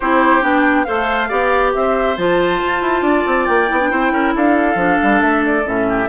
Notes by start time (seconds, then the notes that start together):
0.00 C4 E4 G4 C5
0.42 B3 D4 G5
0.84 A3 A4 C5 F5
1.28 B3 G4 D5
1.74 C4 C5 E5
2.16 F3 F4 A5
2.63 F4
2.81 E4
3.01 D4 D5
3.26 C4
3.46 A#3 G5
3.67 B3 E4
3.80 D4
3.90 C4 E4 C5
4.11 C#4 A#4
4.35 D4 A4 F5
4.75 F3 D4
5.02 G3
5.21 A3 E5
5.45 D5
5.64 A2 C#4 E5
5.88 G4